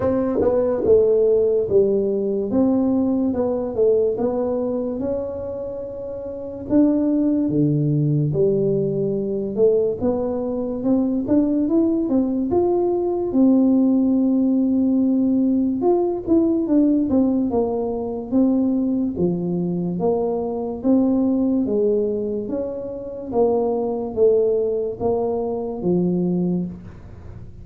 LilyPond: \new Staff \with { instrumentName = "tuba" } { \time 4/4 \tempo 4 = 72 c'8 b8 a4 g4 c'4 | b8 a8 b4 cis'2 | d'4 d4 g4. a8 | b4 c'8 d'8 e'8 c'8 f'4 |
c'2. f'8 e'8 | d'8 c'8 ais4 c'4 f4 | ais4 c'4 gis4 cis'4 | ais4 a4 ais4 f4 | }